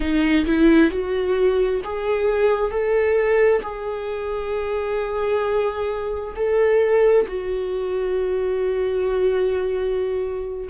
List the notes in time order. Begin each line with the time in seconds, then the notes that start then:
0.00 D#4
0.45 E4
0.90 F#4
1.83 G#4
2.70 A4
3.62 G#4
6.35 A4
7.27 F#4